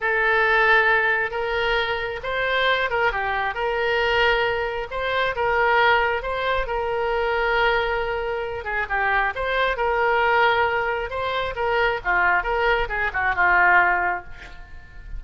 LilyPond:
\new Staff \with { instrumentName = "oboe" } { \time 4/4 \tempo 4 = 135 a'2. ais'4~ | ais'4 c''4. ais'8 g'4 | ais'2. c''4 | ais'2 c''4 ais'4~ |
ais'2.~ ais'8 gis'8 | g'4 c''4 ais'2~ | ais'4 c''4 ais'4 f'4 | ais'4 gis'8 fis'8 f'2 | }